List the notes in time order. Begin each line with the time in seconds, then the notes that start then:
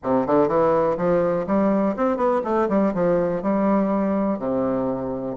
0.03 C3
0.26 D3
0.48 E3
0.97 F3
1.46 G3
1.96 C4
2.17 B3
2.44 A3
2.69 G3
2.94 F3
3.42 G3
4.38 C3